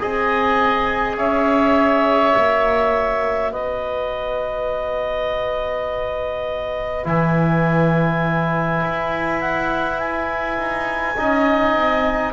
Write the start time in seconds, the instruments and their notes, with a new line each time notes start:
0.00 double bass C4, trombone G#4, oboe D#5, clarinet G#5
1.17 double bass C#4, oboe C#5, clarinet E5
2.34 double bass A#3, trombone F#4
3.52 double bass B3, oboe B4, clarinet D#5
7.04 double bass E3, trombone E4, clarinet G#5
8.83 double bass E4
9.41 clarinet F#5
9.99 clarinet G#5
10.58 double bass D#4
11.17 double bass C#4, trombone D#4, oboe D#5
11.76 double bass C4